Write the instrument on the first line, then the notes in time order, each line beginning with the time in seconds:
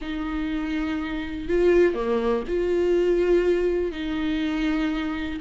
viola
0.01 D#4
1.48 F4
1.94 A#3
2.47 F4
3.91 D#4